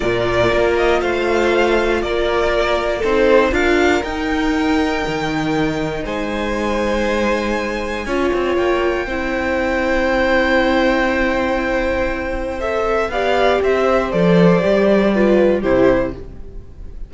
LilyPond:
<<
  \new Staff \with { instrumentName = "violin" } { \time 4/4 \tempo 4 = 119 d''4. dis''8 f''2 | d''2 c''4 f''4 | g''1 | gis''1~ |
gis''4 g''2.~ | g''1~ | g''4 e''4 f''4 e''4 | d''2. c''4 | }
  \new Staff \with { instrumentName = "violin" } { \time 4/4 ais'2 c''2 | ais'2 a'4 ais'4~ | ais'1 | c''1 |
cis''2 c''2~ | c''1~ | c''2 d''4 c''4~ | c''2 b'4 g'4 | }
  \new Staff \with { instrumentName = "viola" } { \time 4/4 f'1~ | f'2 dis'4 f'4 | dis'1~ | dis'1 |
f'2 e'2~ | e'1~ | e'4 a'4 g'2 | a'4 g'4 f'4 e'4 | }
  \new Staff \with { instrumentName = "cello" } { \time 4/4 ais,4 ais4 a2 | ais2 c'4 d'4 | dis'2 dis2 | gis1 |
cis'8 c'8 ais4 c'2~ | c'1~ | c'2 b4 c'4 | f4 g2 c4 | }
>>